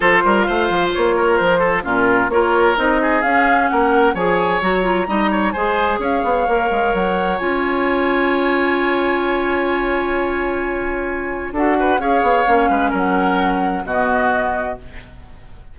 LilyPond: <<
  \new Staff \with { instrumentName = "flute" } { \time 4/4 \tempo 4 = 130 c''4 f''4 cis''4 c''4 | ais'4 cis''4 dis''4 f''4 | fis''4 gis''4 ais''2 | gis''4 f''2 fis''4 |
gis''1~ | gis''1~ | gis''4 fis''4 f''2 | fis''2 dis''2 | }
  \new Staff \with { instrumentName = "oboe" } { \time 4/4 a'8 ais'8 c''4. ais'4 a'8 | f'4 ais'4. gis'4. | ais'4 cis''2 dis''8 cis''8 | c''4 cis''2.~ |
cis''1~ | cis''1~ | cis''4 a'8 b'8 cis''4. b'8 | ais'2 fis'2 | }
  \new Staff \with { instrumentName = "clarinet" } { \time 4/4 f'1 | cis'4 f'4 dis'4 cis'4~ | cis'4 gis'4 fis'8 f'8 dis'4 | gis'2 ais'2 |
f'1~ | f'1~ | f'4 fis'4 gis'4 cis'4~ | cis'2 b2 | }
  \new Staff \with { instrumentName = "bassoon" } { \time 4/4 f8 g8 a8 f8 ais4 f4 | ais,4 ais4 c'4 cis'4 | ais4 f4 fis4 g4 | gis4 cis'8 b8 ais8 gis8 fis4 |
cis'1~ | cis'1~ | cis'4 d'4 cis'8 b8 ais8 gis8 | fis2 b,2 | }
>>